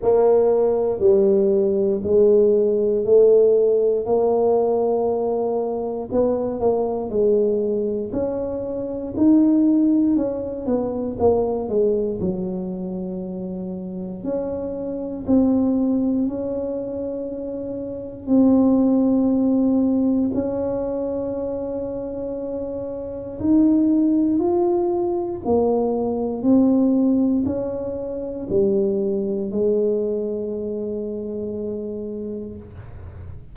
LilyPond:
\new Staff \with { instrumentName = "tuba" } { \time 4/4 \tempo 4 = 59 ais4 g4 gis4 a4 | ais2 b8 ais8 gis4 | cis'4 dis'4 cis'8 b8 ais8 gis8 | fis2 cis'4 c'4 |
cis'2 c'2 | cis'2. dis'4 | f'4 ais4 c'4 cis'4 | g4 gis2. | }